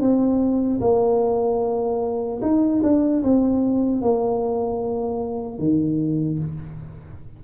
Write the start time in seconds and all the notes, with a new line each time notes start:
0.00 C4
0.80 A#3
2.41 D#4
2.83 D4
3.23 C4
4.01 A#3
5.58 D#3